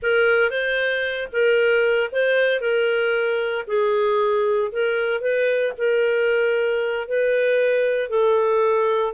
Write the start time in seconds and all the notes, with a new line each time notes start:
0.02 A#4
0.50 C5
1.32 A#4
2.12 C5
2.60 A#4
3.67 G#4
4.71 A#4
5.20 B4
5.77 A#4
7.08 B4
8.09 A4